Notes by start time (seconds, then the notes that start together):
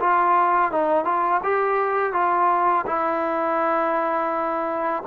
0.00 F4
0.71 D#4
1.04 F4
1.43 G4
2.13 F4
2.86 E4